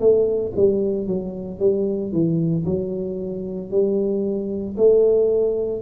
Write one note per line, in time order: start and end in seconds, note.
0.00 0.53 A3
0.56 1.08 G3
1.08 1.60 F#3
1.60 2.12 G3
2.12 2.65 E3
2.66 3.71 F#3
3.71 4.76 G3
4.77 5.82 A3